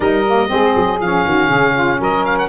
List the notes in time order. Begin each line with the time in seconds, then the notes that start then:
0.00 G3 D#4 A#4 D#5
0.27 A#3
0.48 G#3 C4 G#4
0.75 F#3
1.00 F3 C#4 F5
1.24 D#3 F#4
1.47 C#3 G#4
1.74 F4
1.99 F#3 A#4 D#5
2.25 F5
2.38 F#5